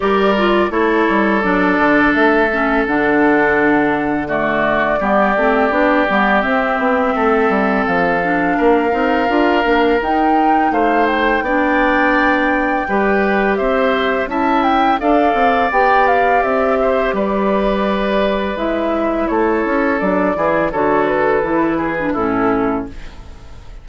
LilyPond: <<
  \new Staff \with { instrumentName = "flute" } { \time 4/4 \tempo 4 = 84 d''4 cis''4 d''4 e''4 | fis''2 d''2~ | d''4 e''2 f''4~ | f''2 g''4 f''8 g''8~ |
g''2. e''4 | a''8 g''8 f''4 g''8 f''8 e''4 | d''2 e''4 cis''4 | d''4 cis''8 b'4. a'4 | }
  \new Staff \with { instrumentName = "oboe" } { \time 4/4 ais'4 a'2.~ | a'2 fis'4 g'4~ | g'2 a'2 | ais'2. c''4 |
d''2 b'4 c''4 | e''4 d''2~ d''8 c''8 | b'2. a'4~ | a'8 gis'8 a'4. gis'8 e'4 | }
  \new Staff \with { instrumentName = "clarinet" } { \time 4/4 g'8 f'8 e'4 d'4. cis'8 | d'2 a4 b8 c'8 | d'8 b8 c'2~ c'8 d'8~ | d'8 dis'8 f'8 d'8 dis'2 |
d'2 g'2 | e'4 a'4 g'2~ | g'2 e'2 | d'8 e'8 fis'4 e'8. d'16 cis'4 | }
  \new Staff \with { instrumentName = "bassoon" } { \time 4/4 g4 a8 g8 fis8 d8 a4 | d2. g8 a8 | b8 g8 c'8 b8 a8 g8 f4 | ais8 c'8 d'8 ais8 dis'4 a4 |
b2 g4 c'4 | cis'4 d'8 c'8 b4 c'4 | g2 gis4 a8 cis'8 | fis8 e8 d4 e4 a,4 | }
>>